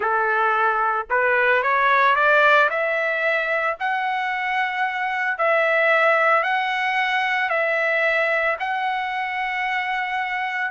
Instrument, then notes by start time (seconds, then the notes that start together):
trumpet
0.00 A4
1.10 B4
1.62 C#5
2.15 D5
2.70 E5
3.79 F#5
5.37 E5
6.43 F#5
7.49 E5
8.59 F#5